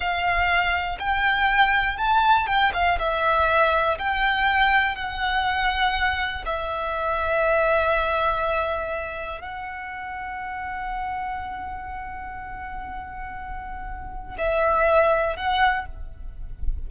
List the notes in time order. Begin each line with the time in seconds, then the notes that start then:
0.00 F5
0.99 G5
1.97 A5
2.46 G5
2.73 F5
2.98 E5
3.98 G5
4.95 F#5
6.45 E5
9.40 F#5
14.38 E5
15.36 F#5